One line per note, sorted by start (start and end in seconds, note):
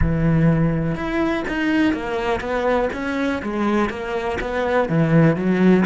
0.01 0.95 E3
0.95 1.43 E4
1.48 1.93 D#4
1.93 2.40 A#3
2.40 2.89 B3
2.93 3.42 C#4
3.42 3.89 G#3
3.89 4.38 A#3
4.40 4.88 B3
4.88 5.36 E3
5.36 5.84 F#3